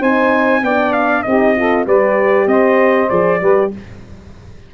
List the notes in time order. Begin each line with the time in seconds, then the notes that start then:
0.00 C4 D#4 C5 G#5
0.63 B3 D4 D5 G5
0.93 F5
1.23 C4 D#4 G4 D#5
1.56 F4 A4
1.86 G3 G4 B4 D5
2.47 C4 C5 D#5
3.10 F3 G#4 D5
3.41 G3 G4 B4